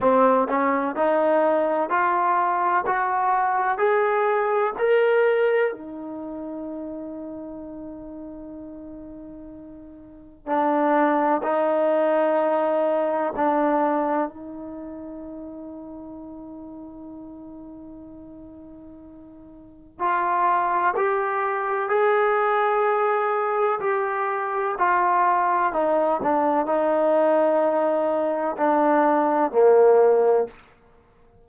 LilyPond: \new Staff \with { instrumentName = "trombone" } { \time 4/4 \tempo 4 = 63 c'8 cis'8 dis'4 f'4 fis'4 | gis'4 ais'4 dis'2~ | dis'2. d'4 | dis'2 d'4 dis'4~ |
dis'1~ | dis'4 f'4 g'4 gis'4~ | gis'4 g'4 f'4 dis'8 d'8 | dis'2 d'4 ais4 | }